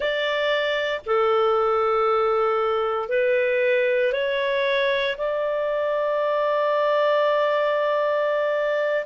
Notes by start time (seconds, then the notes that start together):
0.00 D5
1.06 A4
3.08 B4
4.12 C#5
5.17 D5